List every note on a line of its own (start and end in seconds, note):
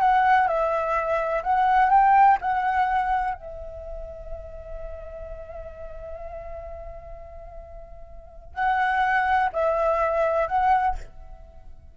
0.00 0.47 F#5
0.47 1.42 E5
1.43 1.90 F#5
1.90 2.37 G5
2.41 3.34 F#5
3.34 8.54 E5
8.54 9.49 F#5
9.53 10.47 E5
10.47 10.95 F#5